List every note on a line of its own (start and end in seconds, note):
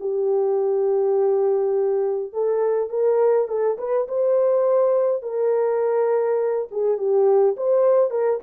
0.00 2.33 G4
2.33 2.90 A4
2.90 3.48 A#4
3.48 3.77 A4
3.78 4.07 B4
4.08 5.22 C5
5.22 6.68 A#4
6.71 6.97 G#4
6.97 7.56 G4
7.57 8.11 C5
8.11 8.40 A#4